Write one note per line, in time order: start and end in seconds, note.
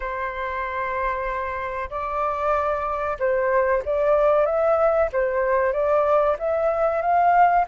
0.00 1.89 C5
1.90 3.17 D5
3.19 3.82 C5
3.85 4.45 D5
4.45 5.09 E5
5.12 5.72 C5
5.72 6.36 D5
6.38 7.01 E5
7.01 7.65 F5